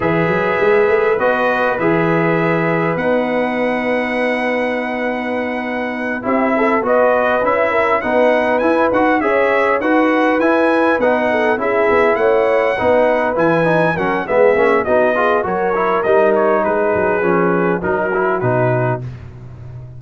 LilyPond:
<<
  \new Staff \with { instrumentName = "trumpet" } { \time 4/4 \tempo 4 = 101 e''2 dis''4 e''4~ | e''4 fis''2.~ | fis''2~ fis''8 e''4 dis''8~ | dis''8 e''4 fis''4 gis''8 fis''8 e''8~ |
e''8 fis''4 gis''4 fis''4 e''8~ | e''8 fis''2 gis''4 fis''8 | e''4 dis''4 cis''4 dis''8 cis''8 | b'2 ais'4 b'4 | }
  \new Staff \with { instrumentName = "horn" } { \time 4/4 b'1~ | b'1~ | b'2~ b'8 g'8 a'8 b'8~ | b'4 ais'8 b'2 cis''8~ |
cis''8 b'2~ b'8 a'8 gis'8~ | gis'8 cis''4 b'2 ais'8 | gis'4 fis'8 gis'8 ais'2 | gis'2 fis'2 | }
  \new Staff \with { instrumentName = "trombone" } { \time 4/4 gis'2 fis'4 gis'4~ | gis'4 dis'2.~ | dis'2~ dis'8 e'4 fis'8~ | fis'8 e'4 dis'4 e'8 fis'8 gis'8~ |
gis'8 fis'4 e'4 dis'4 e'8~ | e'4. dis'4 e'8 dis'8 cis'8 | b8 cis'8 dis'8 f'8 fis'8 e'8 dis'4~ | dis'4 cis'4 dis'8 e'8 dis'4 | }
  \new Staff \with { instrumentName = "tuba" } { \time 4/4 e8 fis8 gis8 a8 b4 e4~ | e4 b2.~ | b2~ b8 c'4 b8~ | b8 cis'4 b4 e'8 dis'8 cis'8~ |
cis'8 dis'4 e'4 b4 cis'8 | b8 a4 b4 e4 fis8 | gis8 ais8 b4 fis4 g4 | gis8 fis8 f4 fis4 b,4 | }
>>